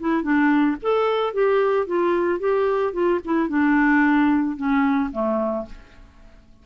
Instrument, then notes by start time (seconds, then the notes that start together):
clarinet
0.00 E4
0.23 D4
0.82 A4
1.33 G4
1.87 F4
2.39 G4
2.93 F4
3.25 E4
3.49 D4
4.57 C#4
5.12 A3